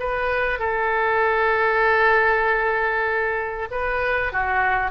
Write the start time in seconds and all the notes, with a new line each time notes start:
0.00 B4
0.60 A4
3.71 B4
4.33 F#4